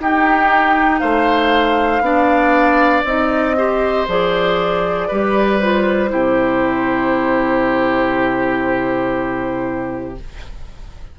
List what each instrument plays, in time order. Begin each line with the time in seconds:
0.00 bassoon D#4, clarinet D#4, oboe G4, flute G5
1.00 bassoon A3, oboe C5, flute F5
2.01 bassoon B3, clarinet D4, oboe D5
3.05 bassoon C4, clarinet D#4, flute D#5
3.57 clarinet G4, oboe C5
4.08 bassoon F3, clarinet G#4, flute D5
5.08 bassoon G3, clarinet G4, oboe B4
5.59 clarinet F4, flute C5
6.08 bassoon C3, clarinet E4, oboe G4